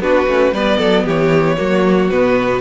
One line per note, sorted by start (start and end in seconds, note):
0.00 0.26 B3
0.00 0.27 D4
0.00 0.54 F#4
0.00 0.54 B4
0.27 0.52 A3
0.27 0.54 C#4
0.52 0.78 G3
0.52 1.57 B3
0.52 0.78 B4
0.52 1.06 D5
0.78 1.05 F#3
0.78 1.04 A4
1.04 1.58 E3
1.04 1.56 G4
1.04 2.10 C#5
1.57 2.10 F#3
1.57 2.09 A#3
1.57 2.61 F#4
2.10 2.61 B2
2.10 2.61 B3
2.10 2.61 B4